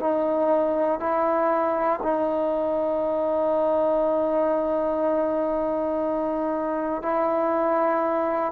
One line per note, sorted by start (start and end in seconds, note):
0.00 1.00 D#4
1.00 2.00 E4
2.03 7.02 D#4
7.02 8.52 E4